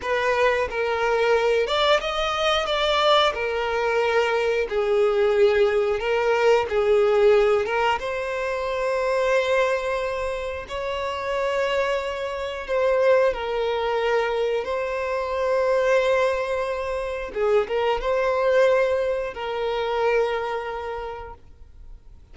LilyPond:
\new Staff \with { instrumentName = "violin" } { \time 4/4 \tempo 4 = 90 b'4 ais'4. d''8 dis''4 | d''4 ais'2 gis'4~ | gis'4 ais'4 gis'4. ais'8 | c''1 |
cis''2. c''4 | ais'2 c''2~ | c''2 gis'8 ais'8 c''4~ | c''4 ais'2. | }